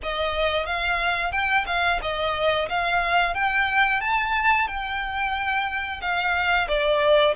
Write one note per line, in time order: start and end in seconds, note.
0.02 0.65 D#5
0.65 1.32 F5
1.32 1.65 G5
1.66 1.99 F5
2.02 2.68 D#5
2.69 3.34 F5
3.34 4.00 G5
4.00 4.67 A5
4.67 6.01 G5
6.01 6.67 F5
6.68 7.34 D5